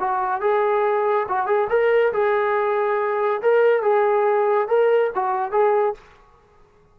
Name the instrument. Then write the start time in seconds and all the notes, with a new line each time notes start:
trombone
0.00 F#4
0.41 G#4
1.29 F#4
1.47 G#4
1.70 A#4
2.13 G#4
3.42 A#4
3.83 G#4
4.68 A#4
5.15 F#4
5.52 G#4